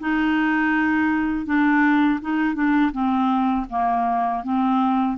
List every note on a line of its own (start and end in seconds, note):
0.00 1.46 D#4
1.46 2.20 D4
2.21 2.55 D#4
2.55 2.92 D4
2.92 3.66 C4
3.70 4.43 A#3
4.43 5.18 C4